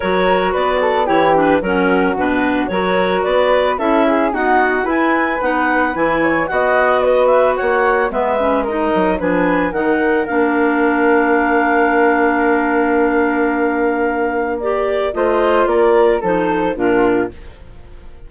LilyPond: <<
  \new Staff \with { instrumentName = "clarinet" } { \time 4/4 \tempo 4 = 111 cis''4 d''4 cis''8 b'8 ais'4 | b'4 cis''4 d''4 e''4 | fis''4 gis''4 fis''4 gis''4 | fis''4 dis''8 e''8 fis''4 e''4 |
dis''4 gis''4 fis''4 f''4~ | f''1~ | f''2. d''4 | dis''4 d''4 c''4 ais'4 | }
  \new Staff \with { instrumentName = "flute" } { \time 4/4 ais'4 b'8 a'8 g'4 fis'4~ | fis'4 ais'4 b'4 a'8 gis'8 | fis'4 b'2~ b'8 cis''8 | dis''4 b'4 cis''4 b'4 |
ais'4 b'4 ais'2~ | ais'1~ | ais'1 | c''4 ais'4 a'4 f'4 | }
  \new Staff \with { instrumentName = "clarinet" } { \time 4/4 fis'2 e'8 d'8 cis'4 | d'4 fis'2 e'4 | b4 e'4 dis'4 e'4 | fis'2. b8 cis'8 |
dis'4 d'4 dis'4 d'4~ | d'1~ | d'2. g'4 | f'2 dis'4 d'4 | }
  \new Staff \with { instrumentName = "bassoon" } { \time 4/4 fis4 b4 e4 fis4 | b,4 fis4 b4 cis'4 | dis'4 e'4 b4 e4 | b2 ais4 gis4~ |
gis8 fis8 f4 dis4 ais4~ | ais1~ | ais1 | a4 ais4 f4 ais,4 | }
>>